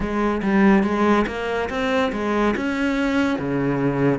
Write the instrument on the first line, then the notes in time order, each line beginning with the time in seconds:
cello
0.00 G#3
0.42 G3
0.83 G#3
1.26 A#3
1.69 C4
2.12 G#3
2.56 C#4
3.38 C#3